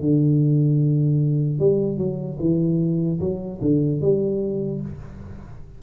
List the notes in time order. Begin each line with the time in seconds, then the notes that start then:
0.00 D3
1.59 G3
1.97 F#3
2.39 E3
3.20 F#3
3.61 D3
4.01 G3